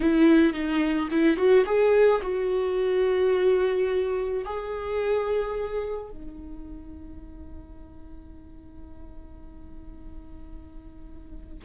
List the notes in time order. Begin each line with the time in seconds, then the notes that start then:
0.00 E4
0.53 D#4
1.10 E4
1.36 F#4
1.65 G#4
2.22 F#4
4.44 G#4
6.09 D#4